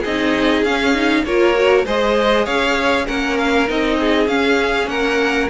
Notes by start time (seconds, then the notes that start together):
0.00 C4 G#4 D#5
0.07 D#4
0.63 C#4 F5
0.94 D#4
1.25 A#3 F4 A#4 C#5
1.55 F#4
1.85 G#3 G#4 C5 D#5
2.45 C#4 C#5 F5
3.06 A#3 C#4 A#4 F#5
3.39 F5
3.67 C4 D#4 D#5
4.00 G#4
4.27 C#4 F5
4.87 A#3 A#4 F#5